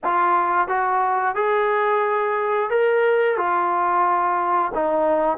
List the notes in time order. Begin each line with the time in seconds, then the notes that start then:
0.04 F4
0.67 F#4
1.35 G#4
2.70 A#4
3.37 F4
4.74 D#4